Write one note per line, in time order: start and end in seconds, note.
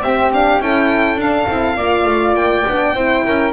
0.00 0.59 C4
0.00 0.32 C4
0.00 0.62 G4
0.00 0.31 E5
0.32 0.59 D4
0.32 0.61 F5
0.59 1.16 C#4
0.59 1.18 E4
0.59 1.76 A4
0.59 1.20 G5
1.16 1.45 D4
1.16 1.47 D4
1.16 2.35 F5
1.47 1.77 C4
1.47 1.77 E4
1.76 2.04 A#3
1.76 2.66 F4
1.76 2.94 D5
2.04 2.34 A3
2.34 2.63 A#3
2.34 3.52 G5
2.67 2.93 B3
2.67 2.95 D4
2.93 3.23 C4
2.93 3.52 E4
2.93 3.24 C5
3.25 3.52 C#4
3.25 3.52 A#4